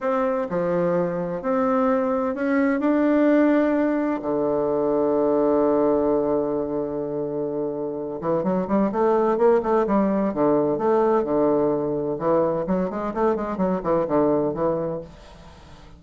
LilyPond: \new Staff \with { instrumentName = "bassoon" } { \time 4/4 \tempo 4 = 128 c'4 f2 c'4~ | c'4 cis'4 d'2~ | d'4 d2.~ | d1~ |
d4. e8 fis8 g8 a4 | ais8 a8 g4 d4 a4 | d2 e4 fis8 gis8 | a8 gis8 fis8 e8 d4 e4 | }